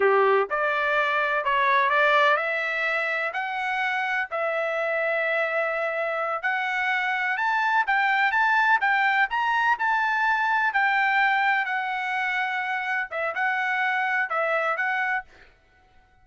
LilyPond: \new Staff \with { instrumentName = "trumpet" } { \time 4/4 \tempo 4 = 126 g'4 d''2 cis''4 | d''4 e''2 fis''4~ | fis''4 e''2.~ | e''4. fis''2 a''8~ |
a''8 g''4 a''4 g''4 ais''8~ | ais''8 a''2 g''4.~ | g''8 fis''2. e''8 | fis''2 e''4 fis''4 | }